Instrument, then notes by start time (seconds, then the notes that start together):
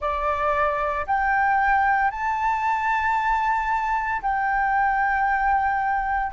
flute
0.00 D5
1.06 G5
2.11 A5
4.22 G5